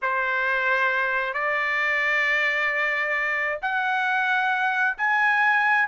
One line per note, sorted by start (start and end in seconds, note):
0.02 1.33 C5
1.33 3.59 D5
3.62 4.97 F#5
4.97 5.87 G#5